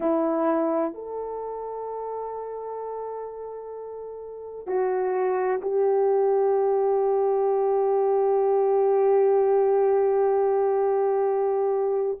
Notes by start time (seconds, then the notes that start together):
0.00 E4
0.93 A4
4.66 F#4
5.61 G4